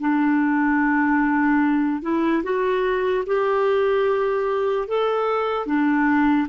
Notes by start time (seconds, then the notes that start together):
0.00 D4
2.02 E4
2.43 F#4
3.26 G4
4.88 A4
5.66 D4